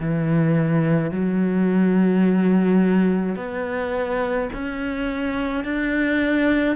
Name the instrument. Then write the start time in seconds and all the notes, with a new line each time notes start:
cello
0.00 E3
1.11 F#3
3.36 B3
4.53 C#4
5.64 D4